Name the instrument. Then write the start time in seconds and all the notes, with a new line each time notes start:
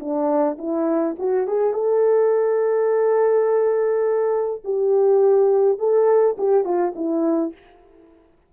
horn
0.00 D4
0.58 E4
1.19 F#4
1.48 G#4
1.74 A4
4.65 G4
5.79 A4
6.38 G4
6.65 F4
6.96 E4